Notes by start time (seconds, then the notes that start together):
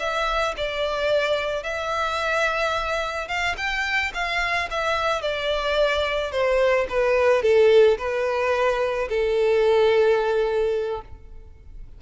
0.00 E5
0.57 D5
1.63 E5
3.29 F5
3.57 G5
4.14 F5
4.71 E5
5.22 D5
6.32 C5
6.89 B4
7.43 A4
7.98 B4
9.09 A4